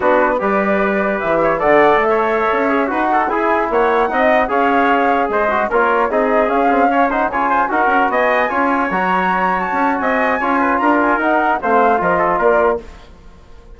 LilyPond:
<<
  \new Staff \with { instrumentName = "flute" } { \time 4/4 \tempo 4 = 150 b'4 d''2 e''4 | fis''4 e''2~ e''16 fis''8.~ | fis''16 gis''4 fis''2 f''8.~ | f''4~ f''16 dis''4 cis''4 dis''8.~ |
dis''16 f''4. fis''8 gis''4 fis''8.~ | fis''16 gis''2 ais''4.~ ais''16 | a''4 gis''2 ais''8 gis''8 | fis''4 f''4 dis''4 d''4 | }
  \new Staff \with { instrumentName = "trumpet" } { \time 4/4 fis'4 b'2~ b'8 cis''8 | d''4~ d''16 cis''2 b'8 a'16~ | a'16 gis'4 cis''4 dis''4 cis''8.~ | cis''4~ cis''16 c''4 ais'4 gis'8.~ |
gis'4~ gis'16 cis''8 c''8 cis''8 c''8 ais'8.~ | ais'16 dis''4 cis''2~ cis''8.~ | cis''4 dis''4 cis''8 b'8 ais'4~ | ais'4 c''4 ais'8 a'8 ais'4 | }
  \new Staff \with { instrumentName = "trombone" } { \time 4/4 d'4 g'2. | a'2~ a'8. gis'8 fis'8.~ | fis'16 e'2 dis'4 gis'8.~ | gis'4.~ gis'16 fis'8 f'4 dis'8.~ |
dis'16 cis'8 c'8 cis'8 dis'8 f'4 fis'8.~ | fis'4~ fis'16 f'4 fis'4.~ fis'16~ | fis'2 f'2 | dis'4 c'4 f'2 | }
  \new Staff \with { instrumentName = "bassoon" } { \time 4/4 b4 g2 e4 | d4 a4~ a16 cis'4 dis'8.~ | dis'16 e'4 ais4 c'4 cis'8.~ | cis'4~ cis'16 gis4 ais4 c'8.~ |
c'16 cis'2 cis4 dis'8 cis'16~ | cis'16 b4 cis'4 fis4.~ fis16~ | fis16 cis'8. c'4 cis'4 d'4 | dis'4 a4 f4 ais4 | }
>>